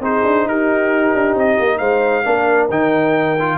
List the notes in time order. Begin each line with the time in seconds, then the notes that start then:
0.00 C4 D#4 G#4 C5
0.24 D4
0.45 D#4 G4 A#4
1.13 D4
1.34 C4 D#5
1.58 A#3
1.77 G#3 C5 F5
2.24 A#3 D4 A#4
2.70 D#3 D#4 G5
3.39 F4